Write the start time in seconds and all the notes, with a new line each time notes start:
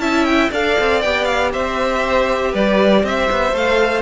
0.00 C#4 E4 E5 A5
0.25 G5
0.51 D4 A4 D5 F5
0.80 C4
1.02 B3 G4 G5
1.25 F5
1.52 C4 C5 E5
2.52 G3 B4 D5
3.04 C4 C5 E5
3.31 B3
3.52 A3 A4 F5